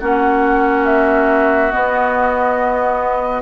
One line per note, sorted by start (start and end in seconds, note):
0.00 1.73 A#3
0.00 1.72 C#4
0.00 3.42 F#4
0.00 0.86 F#5
0.86 1.71 E5
1.71 3.42 B3
1.71 3.42 D#5